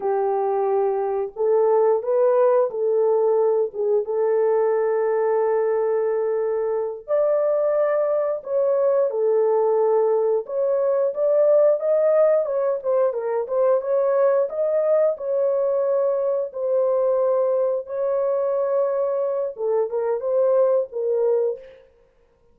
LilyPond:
\new Staff \with { instrumentName = "horn" } { \time 4/4 \tempo 4 = 89 g'2 a'4 b'4 | a'4. gis'8 a'2~ | a'2~ a'8 d''4.~ | d''8 cis''4 a'2 cis''8~ |
cis''8 d''4 dis''4 cis''8 c''8 ais'8 | c''8 cis''4 dis''4 cis''4.~ | cis''8 c''2 cis''4.~ | cis''4 a'8 ais'8 c''4 ais'4 | }